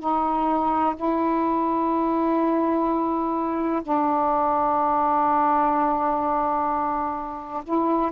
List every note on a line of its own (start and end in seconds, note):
0.00 0.95 D#4
0.97 3.82 E4
3.83 7.64 D4
7.64 8.12 E4